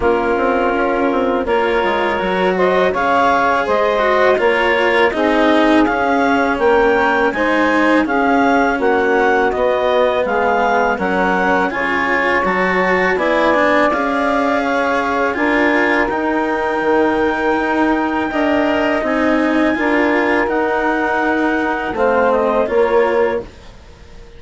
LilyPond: <<
  \new Staff \with { instrumentName = "clarinet" } { \time 4/4 \tempo 4 = 82 ais'2 cis''4. dis''8 | f''4 dis''4 cis''4 dis''4 | f''4 g''4 gis''4 f''4 | fis''4 dis''4 f''4 fis''4 |
gis''4 a''4 gis''4 f''4~ | f''4 gis''4 g''2~ | g''2 gis''2 | fis''2 f''8 dis''8 cis''4 | }
  \new Staff \with { instrumentName = "saxophone" } { \time 4/4 f'2 ais'4. c''8 | cis''4 c''4 ais'4 gis'4~ | gis'4 ais'4 c''4 gis'4 | fis'2 gis'4 ais'4 |
cis''2 d''2 | cis''4 ais'2.~ | ais'4 dis''2 ais'4~ | ais'2 c''4 ais'4 | }
  \new Staff \with { instrumentName = "cello" } { \time 4/4 cis'2 f'4 fis'4 | gis'4. fis'8 f'4 dis'4 | cis'2 dis'4 cis'4~ | cis'4 b2 cis'4 |
f'4 fis'4 e'8 d'8 gis'4~ | gis'4 f'4 dis'2~ | dis'4 ais'4 dis'4 f'4 | dis'2 c'4 f'4 | }
  \new Staff \with { instrumentName = "bassoon" } { \time 4/4 ais8 c'8 cis'8 c'8 ais8 gis8 fis4 | cis4 gis4 ais4 c'4 | cis'4 ais4 gis4 cis'4 | ais4 b4 gis4 fis4 |
cis4 fis4 b4 cis'4~ | cis'4 d'4 dis'4 dis4 | dis'4 d'4 c'4 d'4 | dis'2 a4 ais4 | }
>>